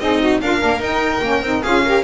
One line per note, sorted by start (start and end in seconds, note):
0.00 0.41 C4
0.00 0.43 D#4
0.00 0.20 G#4
0.00 0.41 D#5
0.20 0.40 F#4
0.41 0.63 D4
0.41 0.59 F4
0.41 1.62 A#4
0.41 0.82 F5
0.59 0.80 A#3
0.59 0.80 D4
0.80 1.20 D#4
0.80 1.23 D#4
0.80 1.63 G5
1.22 1.42 A#3
1.22 1.43 C#4
1.42 1.62 C4
1.42 1.65 D#4
1.62 2.04 C#4
1.62 1.85 F4
1.62 1.83 G#4
1.62 2.04 F5
1.85 2.04 G4
1.85 2.04 A#4